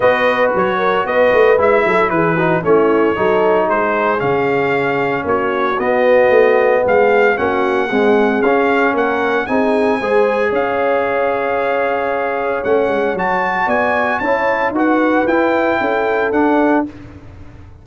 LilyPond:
<<
  \new Staff \with { instrumentName = "trumpet" } { \time 4/4 \tempo 4 = 114 dis''4 cis''4 dis''4 e''4 | b'4 cis''2 c''4 | f''2 cis''4 dis''4~ | dis''4 f''4 fis''2 |
f''4 fis''4 gis''2 | f''1 | fis''4 a''4 gis''4 a''4 | fis''4 g''2 fis''4 | }
  \new Staff \with { instrumentName = "horn" } { \time 4/4 b'4. ais'8 b'4. a'8 | gis'8 fis'8 e'4 a'4 gis'4~ | gis'2 fis'2~ | fis'4 gis'4 fis'4 gis'4~ |
gis'4 ais'4 gis'4 c''4 | cis''1~ | cis''2 d''4 cis''4 | b'2 a'2 | }
  \new Staff \with { instrumentName = "trombone" } { \time 4/4 fis'2. e'4~ | e'8 dis'8 cis'4 dis'2 | cis'2. b4~ | b2 cis'4 gis4 |
cis'2 dis'4 gis'4~ | gis'1 | cis'4 fis'2 e'4 | fis'4 e'2 d'4 | }
  \new Staff \with { instrumentName = "tuba" } { \time 4/4 b4 fis4 b8 a8 gis8 fis8 | e4 a4 fis4 gis4 | cis2 ais4 b4 | a4 gis4 ais4 c'4 |
cis'4 ais4 c'4 gis4 | cis'1 | a8 gis8 fis4 b4 cis'4 | dis'4 e'4 cis'4 d'4 | }
>>